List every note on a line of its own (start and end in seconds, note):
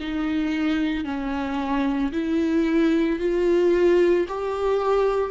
0.00 1.05 D#4
1.05 2.12 C#4
2.12 3.19 E4
3.19 4.27 F4
4.28 5.30 G4